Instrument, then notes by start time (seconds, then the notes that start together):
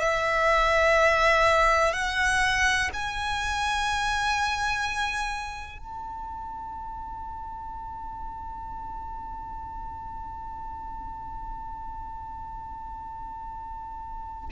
violin
0.00 E5
1.93 F#5
2.93 G#5
5.78 A5